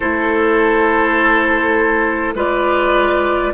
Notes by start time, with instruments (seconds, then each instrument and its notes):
0.00 bassoon A3, clarinet E4, oboe A4, flute C5
2.34 bassoon G#3, clarinet F4, oboe B4, flute D5